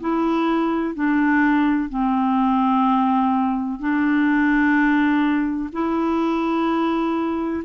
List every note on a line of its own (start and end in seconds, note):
0.00 0.94 E4
0.94 1.89 D4
1.89 3.79 C4
3.79 5.69 D4
5.72 7.63 E4